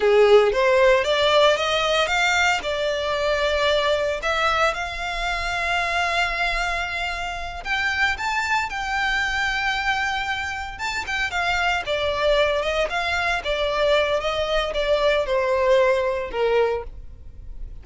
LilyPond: \new Staff \with { instrumentName = "violin" } { \time 4/4 \tempo 4 = 114 gis'4 c''4 d''4 dis''4 | f''4 d''2. | e''4 f''2.~ | f''2~ f''8 g''4 a''8~ |
a''8 g''2.~ g''8~ | g''8 a''8 g''8 f''4 d''4. | dis''8 f''4 d''4. dis''4 | d''4 c''2 ais'4 | }